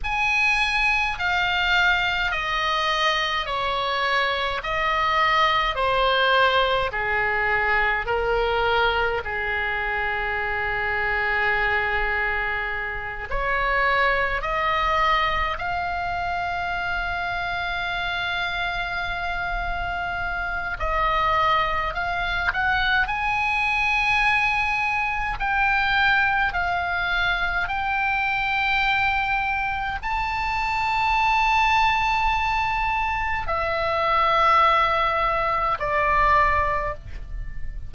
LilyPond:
\new Staff \with { instrumentName = "oboe" } { \time 4/4 \tempo 4 = 52 gis''4 f''4 dis''4 cis''4 | dis''4 c''4 gis'4 ais'4 | gis'2.~ gis'8 cis''8~ | cis''8 dis''4 f''2~ f''8~ |
f''2 dis''4 f''8 fis''8 | gis''2 g''4 f''4 | g''2 a''2~ | a''4 e''2 d''4 | }